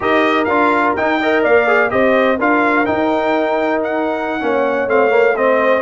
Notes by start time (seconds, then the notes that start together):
0.00 D#4 G4 A#4 D#5
0.44 D4 F4 F5
0.95 D#4 G5
1.20 A#4 D#5
1.42 A#3 D5 F5
1.67 G#4
1.89 C4 G4 C5 D#5
2.38 D4 F4 A#4 F5
2.85 D#4 G5
3.83 F#5
4.40 A#3 C#4 C#5
4.86 A3 C4 F5
5.10 A#3
5.36 C4 C5 D#5